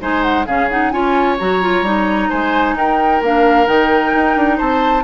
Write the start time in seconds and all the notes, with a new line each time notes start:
0.00 G#3 D#4 C5 G#5
0.22 F#5
0.46 C#3 C#4 G#4 F5
0.69 D#4 F#5
0.90 C#4 F4 C#5 G#5
1.39 F#3 F#4 A#5
1.62 F4
1.82 G3 D#4
2.29 G#3 C5 G#5
2.74 D#4 A#4 G5
3.21 A#3 D4 F5
3.66 D#3 D#4 G5
4.15 D#4
4.36 D4
4.57 C4 C5 A5